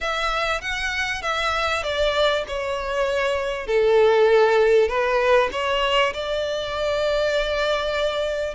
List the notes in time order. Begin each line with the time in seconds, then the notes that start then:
0.01 E5
0.61 F#5
1.21 E5
1.83 D5
2.47 C#5
3.67 A4
4.88 B4
5.52 C#5
6.13 D5